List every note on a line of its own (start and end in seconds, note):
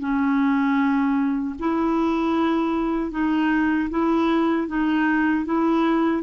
0.00 1.56 C#4
1.60 3.12 E4
3.12 3.90 D#4
3.90 4.68 E4
4.68 5.46 D#4
5.46 6.23 E4